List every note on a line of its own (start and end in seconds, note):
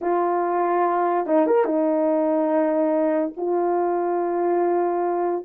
0.01 1.26 F4
1.26 1.47 D#4
1.47 1.65 A#4
1.65 3.32 D#4
3.37 5.45 F4